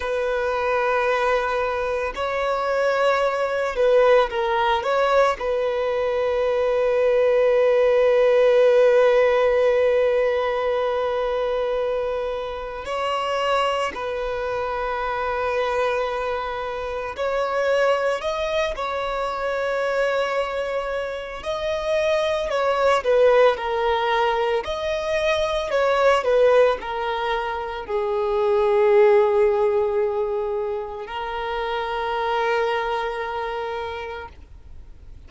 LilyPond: \new Staff \with { instrumentName = "violin" } { \time 4/4 \tempo 4 = 56 b'2 cis''4. b'8 | ais'8 cis''8 b'2.~ | b'1 | cis''4 b'2. |
cis''4 dis''8 cis''2~ cis''8 | dis''4 cis''8 b'8 ais'4 dis''4 | cis''8 b'8 ais'4 gis'2~ | gis'4 ais'2. | }